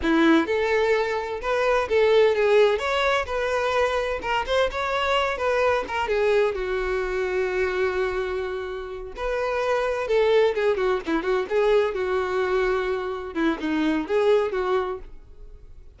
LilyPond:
\new Staff \with { instrumentName = "violin" } { \time 4/4 \tempo 4 = 128 e'4 a'2 b'4 | a'4 gis'4 cis''4 b'4~ | b'4 ais'8 c''8 cis''4. b'8~ | b'8 ais'8 gis'4 fis'2~ |
fis'2.~ fis'8 b'8~ | b'4. a'4 gis'8 fis'8 e'8 | fis'8 gis'4 fis'2~ fis'8~ | fis'8 e'8 dis'4 gis'4 fis'4 | }